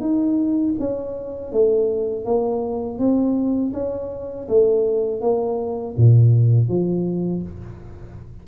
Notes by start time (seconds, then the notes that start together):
0.00 D#4
0.79 C#4
1.52 A3
2.25 A#3
2.98 C4
3.73 C#4
4.48 A3
5.21 A#3
5.97 A#2
6.68 F3